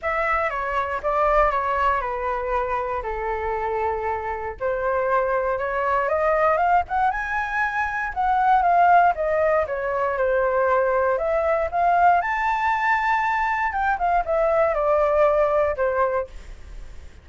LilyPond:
\new Staff \with { instrumentName = "flute" } { \time 4/4 \tempo 4 = 118 e''4 cis''4 d''4 cis''4 | b'2 a'2~ | a'4 c''2 cis''4 | dis''4 f''8 fis''8 gis''2 |
fis''4 f''4 dis''4 cis''4 | c''2 e''4 f''4 | a''2. g''8 f''8 | e''4 d''2 c''4 | }